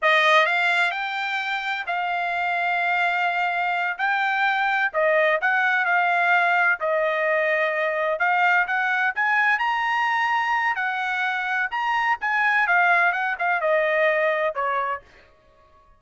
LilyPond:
\new Staff \with { instrumentName = "trumpet" } { \time 4/4 \tempo 4 = 128 dis''4 f''4 g''2 | f''1~ | f''8 g''2 dis''4 fis''8~ | fis''8 f''2 dis''4.~ |
dis''4. f''4 fis''4 gis''8~ | gis''8 ais''2~ ais''8 fis''4~ | fis''4 ais''4 gis''4 f''4 | fis''8 f''8 dis''2 cis''4 | }